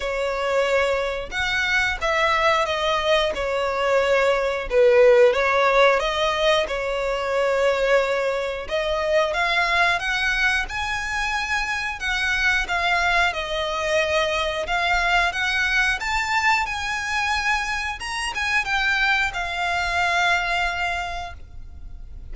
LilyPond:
\new Staff \with { instrumentName = "violin" } { \time 4/4 \tempo 4 = 90 cis''2 fis''4 e''4 | dis''4 cis''2 b'4 | cis''4 dis''4 cis''2~ | cis''4 dis''4 f''4 fis''4 |
gis''2 fis''4 f''4 | dis''2 f''4 fis''4 | a''4 gis''2 ais''8 gis''8 | g''4 f''2. | }